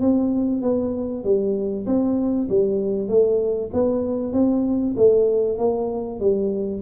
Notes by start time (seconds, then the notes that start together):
0.00 C4
0.62 B3
1.24 G3
1.86 C4
2.49 G3
3.08 A3
3.73 B3
4.32 C4
4.96 A3
5.58 A#3
6.20 G3